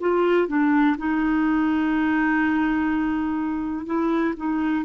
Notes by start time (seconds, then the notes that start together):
0.00 F4
0.48 D4
0.98 D#4
3.86 E4
4.36 D#4